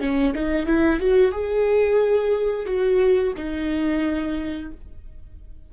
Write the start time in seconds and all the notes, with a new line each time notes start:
0.00 C#4
0.34 D#4
0.66 E4
1.00 F#4
1.32 G#4
2.66 F#4
3.36 D#4